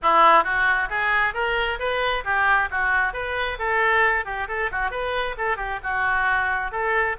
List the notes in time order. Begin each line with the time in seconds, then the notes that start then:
0.02 E4
0.44 F#4
0.89 G#4
1.34 A#4
1.79 B4
2.24 G4
2.70 F#4
3.13 B4
3.58 A4
4.25 G4
4.48 A4
4.71 F#4
4.91 B4
5.37 A4
5.56 G4
5.83 F#4
6.71 A4